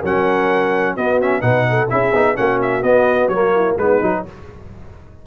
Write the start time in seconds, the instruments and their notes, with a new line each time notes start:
0.00 tuba F#3, trombone C#4, horn A#4, trumpet F#5
0.95 tuba B3, trombone B3, horn F#4, trumpet D#5
1.20 trombone C#4, trumpet E5
1.41 tuba B2, trombone D#4, horn B4, trumpet F#5
1.70 horn A4
1.90 tuba C#4, trombone E4, horn G#4, trumpet E5
2.13 tuba B3, trombone D#4
2.35 tuba A#3, trombone C#4, horn F#4, trumpet F#5
2.62 trumpet E5
2.83 tuba B3, trombone B3, trumpet D#5
3.28 tuba F#3, trombone A#3, trumpet C#5
3.55 horn E4
3.77 tuba G#3, trombone B3, horn D#4, trumpet B4
4.02 tuba F#3, trombone D#4